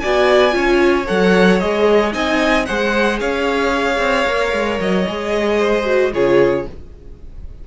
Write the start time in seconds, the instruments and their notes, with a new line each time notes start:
0.00 cello B3, viola F#4, violin D5 G#5
0.51 cello C#4, viola F4, violin C#5
1.07 cello F#3, viola A4, violin F#5
1.60 cello G#3, viola G#4, violin D#5
2.12 cello C4, viola D#4, violin D#5 G#5
2.66 cello G#3, viola G#4, violin C5 F#5
3.20 cello C#4, violin C#5 F5
3.98 cello C4
4.27 cello A#3, viola A#4
4.53 cello G#3
4.80 cello F#3, violin D#5
5.08 cello G#3, viola G#4
5.59 violin C5
5.85 viola F#4
6.13 cello C#3, viola F4, violin G#4 C#5